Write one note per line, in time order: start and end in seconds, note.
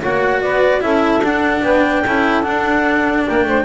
0.00 0.43 A#3
0.00 0.80 F#4
0.00 0.41 C#5
0.00 0.41 F#5
0.41 0.82 B3
0.41 0.82 B4
0.41 0.82 D5
0.80 1.20 C#4
0.80 1.21 E4
0.80 1.63 A4
0.80 1.22 E5
1.20 1.61 D4
1.20 2.05 D4
1.20 1.63 F#5
1.62 2.03 B3
1.62 2.03 B4
1.62 2.42 G5
2.05 2.44 C#4
2.05 2.43 E4
2.05 3.26 A4
2.42 3.64 D4
2.42 3.25 D4
2.42 3.24 F#5
3.26 3.44 A#3
3.26 3.46 A#4
3.26 3.65 G5
3.44 3.64 A3
3.44 3.65 C5